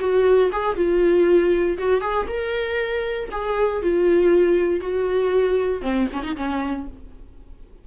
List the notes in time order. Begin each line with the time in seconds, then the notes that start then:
0.00 F#4
0.52 G#4
0.76 F4
1.78 F#4
2.01 G#4
2.28 A#4
3.32 G#4
3.83 F4
4.81 F#4
5.82 C4
6.13 C#4
6.23 D#4
6.36 C#4